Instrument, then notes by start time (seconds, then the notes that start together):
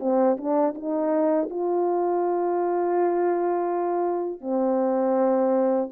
horn
0.00 C4
0.37 D4
0.75 D#4
1.50 F4
4.41 C4